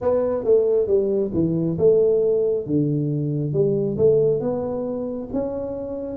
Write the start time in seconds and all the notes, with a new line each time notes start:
0.01 B3
0.44 A3
0.87 G3
1.33 E3
1.78 A3
2.66 D3
3.53 G3
3.97 A3
4.40 B3
5.33 C#4